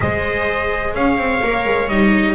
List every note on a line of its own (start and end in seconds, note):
0.00 0.94 G#3
0.00 1.41 G#4
0.00 0.95 C5
0.00 0.94 D#5
0.94 1.17 C#4
0.94 2.35 C#5
0.94 1.88 F5
1.17 1.41 C4
1.43 1.65 A#3
1.43 1.90 A#4
1.65 1.88 G#3
1.88 2.35 G3
1.88 2.35 D#4
1.88 2.35 D#5